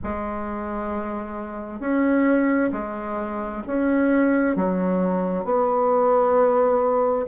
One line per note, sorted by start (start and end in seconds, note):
0.03 1.79 G#3
1.79 2.70 C#4
2.71 3.62 G#3
3.67 4.55 C#4
4.55 5.44 F#3
5.44 7.26 B3